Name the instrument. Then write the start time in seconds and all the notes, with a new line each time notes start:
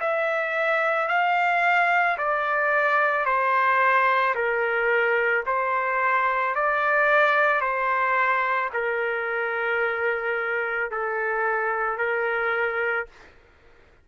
trumpet
0.00 E5
1.08 F5
2.18 D5
3.25 C5
4.35 A#4
5.46 C5
6.55 D5
7.61 C5
8.73 A#4
10.90 A4
11.98 A#4